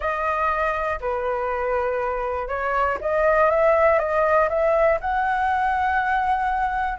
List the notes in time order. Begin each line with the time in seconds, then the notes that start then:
0.00 D#5
1.00 B4
2.48 C#5
3.00 D#5
3.50 E5
3.98 D#5
4.49 E5
5.00 F#5